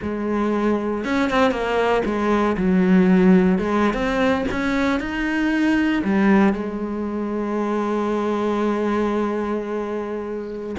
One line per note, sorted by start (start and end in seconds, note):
0.02 1.04 G#3
1.04 1.30 C#4
1.30 1.51 C4
1.51 2.02 A#3
2.05 2.56 G#3
2.57 3.58 F#3
3.58 3.93 G#3
3.93 4.44 C4
4.51 5.00 C#4
5.00 6.02 D#4
6.03 6.53 G3
6.53 10.76 G#3